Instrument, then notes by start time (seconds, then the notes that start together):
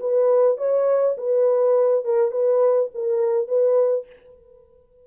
horn
0.00 B4
0.57 C#5
1.17 B4
2.04 A#4
2.31 B4
2.94 A#4
3.48 B4